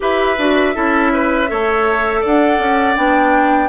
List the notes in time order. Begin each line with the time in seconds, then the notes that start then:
0.00 E4 G4 B4 E5
0.38 D4 F#4
0.74 C#4 E4 A4
1.13 B4
1.47 A3 A4 C#5
2.20 D4 D5 F#5
2.58 C#4
2.95 B3 D4 G5